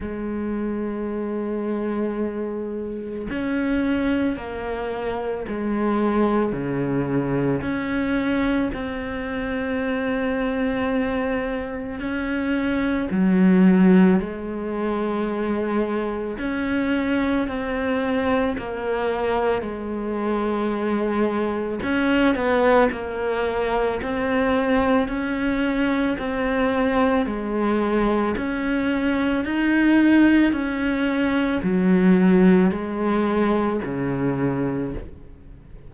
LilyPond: \new Staff \with { instrumentName = "cello" } { \time 4/4 \tempo 4 = 55 gis2. cis'4 | ais4 gis4 cis4 cis'4 | c'2. cis'4 | fis4 gis2 cis'4 |
c'4 ais4 gis2 | cis'8 b8 ais4 c'4 cis'4 | c'4 gis4 cis'4 dis'4 | cis'4 fis4 gis4 cis4 | }